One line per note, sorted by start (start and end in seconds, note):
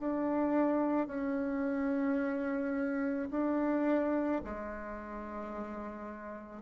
0.00 1.07 D4
1.07 3.29 C#4
3.31 4.42 D4
4.44 6.62 G#3